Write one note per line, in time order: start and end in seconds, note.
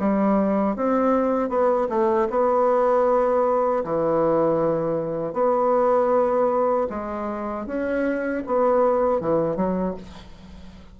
0.00 0.76 G3
0.76 1.49 C4
1.49 1.88 B3
1.90 2.28 A3
2.30 3.84 B3
3.84 5.34 E3
5.34 6.87 B3
6.90 7.66 G#3
7.66 8.43 C#4
8.47 9.21 B3
9.21 9.56 E3
9.56 9.95 F#3